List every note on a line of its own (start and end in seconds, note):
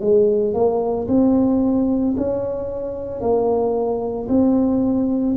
0.00 0.54 G#3
0.54 1.07 A#3
1.08 2.15 C4
2.17 3.20 C#4
3.20 4.28 A#3
4.28 5.35 C4